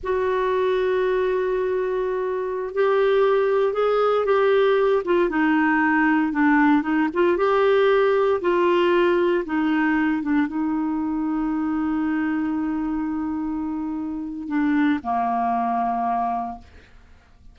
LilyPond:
\new Staff \with { instrumentName = "clarinet" } { \time 4/4 \tempo 4 = 116 fis'1~ | fis'4~ fis'16 g'2 gis'8.~ | gis'16 g'4. f'8 dis'4.~ dis'16~ | dis'16 d'4 dis'8 f'8 g'4.~ g'16~ |
g'16 f'2 dis'4. d'16~ | d'16 dis'2.~ dis'8.~ | dis'1 | d'4 ais2. | }